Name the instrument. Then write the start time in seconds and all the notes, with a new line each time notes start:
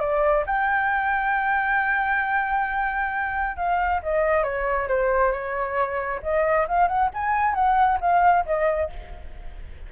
flute
0.00 D5
0.46 G5
3.57 F5
4.03 D#5
4.44 C#5
4.88 C5
5.32 C#5
6.23 D#5
6.68 F5
6.88 F#5
7.14 G#5
7.54 F#5
8.01 F5
8.46 D#5